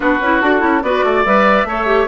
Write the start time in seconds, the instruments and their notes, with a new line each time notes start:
0.00 bassoon B3, clarinet D4, oboe F#4, flute B4
0.20 bassoon C#4, clarinet E4
0.41 bassoon D4, clarinet F#4, flute A4
0.59 bassoon C#4, clarinet E4
0.82 bassoon B3, clarinet F#4, oboe B4, flute D5
1.03 bassoon A3, oboe D5
1.25 bassoon G3, clarinet B4, flute E5
1.64 bassoon A3, clarinet A4, oboe C#5
1.86 clarinet G4